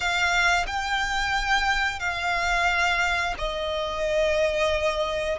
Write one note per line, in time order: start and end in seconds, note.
0.00 0.65 F5
0.66 1.99 G5
1.99 3.34 F5
3.38 5.38 D#5